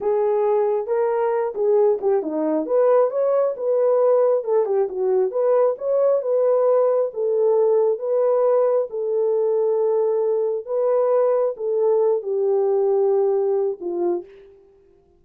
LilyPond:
\new Staff \with { instrumentName = "horn" } { \time 4/4 \tempo 4 = 135 gis'2 ais'4. gis'8~ | gis'8 g'8 dis'4 b'4 cis''4 | b'2 a'8 g'8 fis'4 | b'4 cis''4 b'2 |
a'2 b'2 | a'1 | b'2 a'4. g'8~ | g'2. f'4 | }